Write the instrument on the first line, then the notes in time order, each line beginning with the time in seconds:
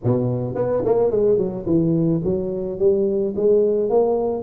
tuba
0.03 B2
0.54 B3
0.85 A#3
1.10 G#3
1.37 F#3
1.65 E3
2.24 F#3
2.79 G3
3.36 G#3
3.89 A#3